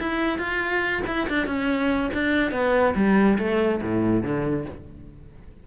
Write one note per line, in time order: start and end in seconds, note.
0.00 0.38 E4
0.38 1.02 F4
1.07 1.28 E4
1.29 1.47 D4
1.47 2.11 C#4
2.13 2.51 D4
2.51 2.94 B3
2.95 3.38 G3
3.38 3.81 A3
3.82 4.23 A2
4.23 4.66 D3